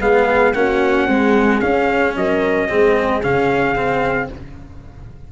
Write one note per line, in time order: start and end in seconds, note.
0.00 0.54 G#3
0.00 0.54 B3
0.00 0.55 G#4
0.00 0.53 F5
0.53 1.06 A#3
0.53 1.08 C#4
0.53 1.08 F#4
0.53 1.60 F#5
1.06 1.61 G#3
1.06 1.59 C4
1.06 2.16 G#4
1.60 2.68 C#4
1.60 2.16 C#4
1.60 2.14 F5
2.16 2.69 F#3
2.16 2.69 A#4
2.16 3.23 D#5
2.69 3.25 G#3
2.69 3.22 C4
2.69 4.29 G#4
3.23 4.32 C#3
3.23 3.75 C#4
3.23 4.30 F5
3.75 4.29 C4